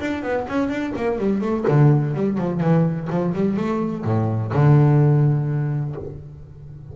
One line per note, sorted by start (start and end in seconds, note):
0.00 0.23 D4
0.23 0.47 B3
0.48 0.69 C#4
0.69 0.93 D4
0.96 1.18 A#3
1.18 1.41 G3
1.41 1.65 A3
1.68 2.14 D3
2.14 2.38 G3
2.38 2.60 F3
2.60 3.08 E3
3.10 3.34 F3
3.34 3.57 G3
3.57 4.04 A3
4.05 4.52 A2
4.53 5.95 D3